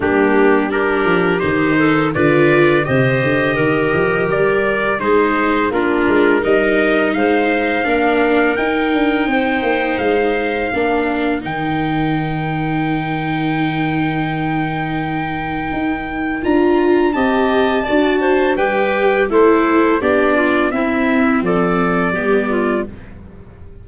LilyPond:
<<
  \new Staff \with { instrumentName = "trumpet" } { \time 4/4 \tempo 4 = 84 g'4 ais'4 c''4 d''4 | dis''2 d''4 c''4 | ais'4 dis''4 f''2 | g''2 f''2 |
g''1~ | g''2. ais''4 | a''2 g''4 c''4 | d''4 e''4 d''2 | }
  \new Staff \with { instrumentName = "clarinet" } { \time 4/4 d'4 g'4. a'8 b'4 | c''4 ais'2 gis'4 | f'4 ais'4 c''4 ais'4~ | ais'4 c''2 ais'4~ |
ais'1~ | ais'1 | dis''4 d''8 c''8 b'4 a'4 | g'8 f'8 e'4 a'4 g'8 f'8 | }
  \new Staff \with { instrumentName = "viola" } { \time 4/4 ais4 d'4 dis'4 f'4 | g'2. dis'4 | d'4 dis'2 d'4 | dis'2. d'4 |
dis'1~ | dis'2. f'4 | g'4 fis'4 g'4 e'4 | d'4 c'2 b4 | }
  \new Staff \with { instrumentName = "tuba" } { \time 4/4 g4. f8 dis4 d4 | c8 d8 dis8 f8 g4 gis4 | ais8 gis8 g4 gis4 ais4 | dis'8 d'8 c'8 ais8 gis4 ais4 |
dis1~ | dis2 dis'4 d'4 | c'4 d'4 g4 a4 | b4 c'4 f4 g4 | }
>>